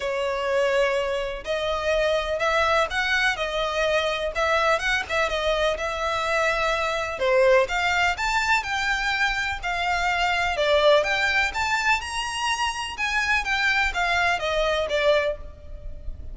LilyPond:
\new Staff \with { instrumentName = "violin" } { \time 4/4 \tempo 4 = 125 cis''2. dis''4~ | dis''4 e''4 fis''4 dis''4~ | dis''4 e''4 fis''8 e''8 dis''4 | e''2. c''4 |
f''4 a''4 g''2 | f''2 d''4 g''4 | a''4 ais''2 gis''4 | g''4 f''4 dis''4 d''4 | }